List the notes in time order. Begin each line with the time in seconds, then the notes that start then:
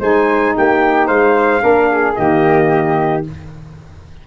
0.00 G#3 D#4 C5 G#5
0.56 A#3 G4 G5
1.07 G#3 C5 F5
1.60 A#3 D4 A#4
1.92 G#4
2.15 D#3 A#3 G4 D#5